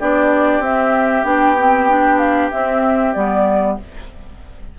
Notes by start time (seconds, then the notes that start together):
0.00 B3 D4 G4 D5
0.60 C4 E5
1.24 B3 D4 G5
1.60 C4
1.89 D4
2.19 F5
2.51 C4 E5
3.14 G3 B3 D5